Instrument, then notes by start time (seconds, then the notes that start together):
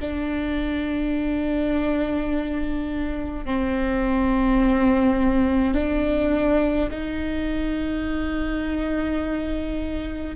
viola
0.00 D4
3.45 C4
5.74 D4
6.90 D#4